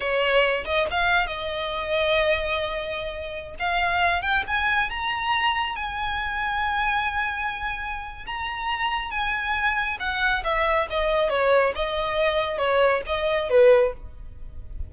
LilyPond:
\new Staff \with { instrumentName = "violin" } { \time 4/4 \tempo 4 = 138 cis''4. dis''8 f''4 dis''4~ | dis''1~ | dis''16 f''4. g''8 gis''4 ais''8.~ | ais''4~ ais''16 gis''2~ gis''8.~ |
gis''2. ais''4~ | ais''4 gis''2 fis''4 | e''4 dis''4 cis''4 dis''4~ | dis''4 cis''4 dis''4 b'4 | }